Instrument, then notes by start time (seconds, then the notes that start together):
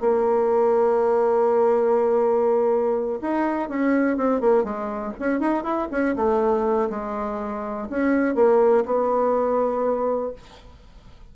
bassoon
0.00 A#3
3.21 D#4
3.69 C#4
4.16 C4
4.40 A#3
4.63 G#3
5.19 C#4
5.40 D#4
5.63 E4
5.91 C#4
6.15 A3
6.89 G#3
7.89 C#4
8.35 A#3
8.85 B3